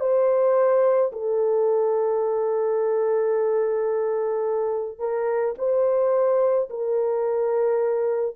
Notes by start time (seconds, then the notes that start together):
0.00 C5
1.12 A4
4.99 A#4
5.58 C5
6.70 A#4